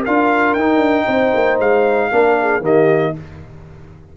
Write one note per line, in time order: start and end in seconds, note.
0.00 1.03 A#4
0.00 0.54 F5
0.07 0.56 D4
0.07 0.59 F4
0.54 0.77 D#4
0.54 2.12 D#4
0.54 1.57 G5
0.77 1.03 D4
1.06 1.33 C4
1.06 2.09 C5
1.34 1.59 A#3
1.59 2.11 G#3
1.59 2.64 F5
2.12 2.61 A#3
2.12 2.62 D4
2.12 2.40 A#4
2.41 2.63 G#4
2.61 3.13 D#3
2.61 3.13 A#3
2.61 3.14 G4
2.61 3.17 D#5